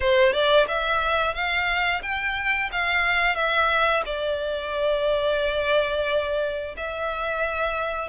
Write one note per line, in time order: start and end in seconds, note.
0.00 0.32 C5
0.32 0.66 D5
0.67 1.34 E5
1.34 2.01 F5
2.02 2.70 G5
2.72 3.35 F5
3.35 4.02 E5
4.05 6.75 D5
6.76 8.08 E5